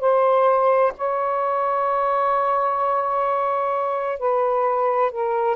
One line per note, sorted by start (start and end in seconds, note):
0.00 0.92 C5
0.97 4.19 C#5
4.19 5.11 B4
5.11 5.56 A#4